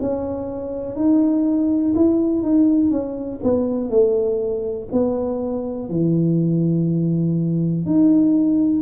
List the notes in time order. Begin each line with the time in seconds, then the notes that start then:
0.00 C#4
0.95 D#4
1.95 E4
2.42 D#4
2.91 C#4
3.42 B3
3.90 A3
4.92 B3
5.89 E3
7.85 D#4